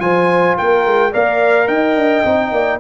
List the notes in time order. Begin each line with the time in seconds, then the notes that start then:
0.00 F3 F4 C5 G#5
0.58 A#3 A#4 G5
0.86 G#3
1.12 A#3 A#4 D5 F5
1.68 D#4 D#5 G5
1.96 D4
2.25 C4 D#4
2.52 A#3 D5